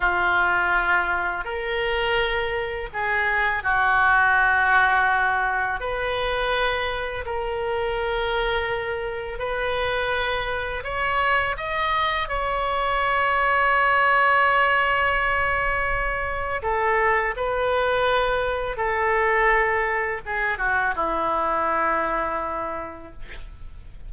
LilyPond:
\new Staff \with { instrumentName = "oboe" } { \time 4/4 \tempo 4 = 83 f'2 ais'2 | gis'4 fis'2. | b'2 ais'2~ | ais'4 b'2 cis''4 |
dis''4 cis''2.~ | cis''2. a'4 | b'2 a'2 | gis'8 fis'8 e'2. | }